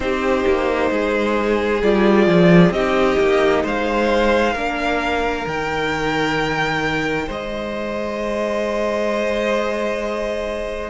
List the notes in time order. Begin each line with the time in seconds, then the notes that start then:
0.00 C4 D#4 G4 C5
0.46 A#3
0.90 G#3 G#4
1.82 G3 F4 D5
2.26 F3
2.70 C4 D#4 G4 D#5
3.19 A#3
3.63 G#3 C5 F5
4.52 A#3 D4 A#4
5.46 D#3 D#4 G5
7.27 G#3 C5 D#5